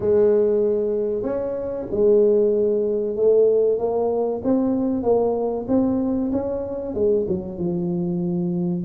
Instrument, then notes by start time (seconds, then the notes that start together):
tuba
0.00 G#3
1.22 C#4
1.90 G#3
3.16 A3
3.78 A#3
4.44 C4
5.02 A#3
5.68 C4
6.32 C#4
6.94 G#3
7.28 F#3
7.58 F3